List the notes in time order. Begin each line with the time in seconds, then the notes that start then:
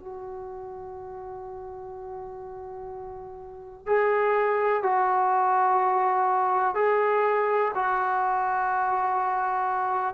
0.00 F#4
3.87 G#4
4.83 F#4
6.75 G#4
7.75 F#4